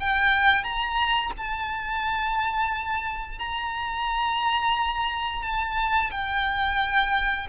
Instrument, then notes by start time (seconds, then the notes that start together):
violin
0.00 G5
0.64 A#5
1.37 A5
3.39 A#5
5.42 A5
6.11 G5